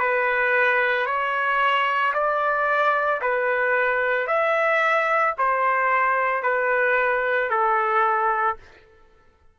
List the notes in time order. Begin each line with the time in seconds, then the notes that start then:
0.00 B4
1.06 C#5
2.14 D5
3.21 B4
4.28 E5
5.38 C5
6.43 B4
7.50 A4